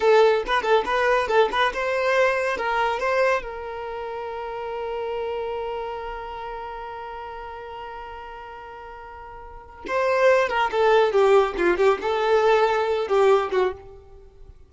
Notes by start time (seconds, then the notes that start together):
0.00 A4
0.46 B4
0.62 A4
0.85 B4
1.28 A4
1.51 B4
1.73 C5
2.57 A#4
2.99 C5
3.42 A#4
9.87 C5
10.48 A#4
10.71 A4
11.12 G4
11.57 F4
11.77 G4
12.01 A4
13.07 G4
13.51 F#4